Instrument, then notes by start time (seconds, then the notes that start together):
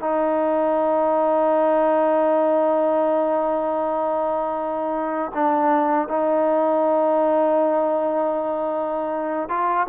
trombone
0.00 D#4
5.34 D4
6.08 D#4
9.49 F4